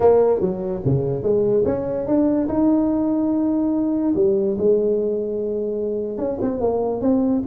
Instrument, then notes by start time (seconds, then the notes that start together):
tuba
0.00 A#3
0.40 F#3
0.85 C#3
1.22 G#3
1.65 C#4
2.06 D4
2.48 D#4
4.15 G3
4.57 G#3
6.17 C#4
6.41 C4
6.60 A#3
7.01 C4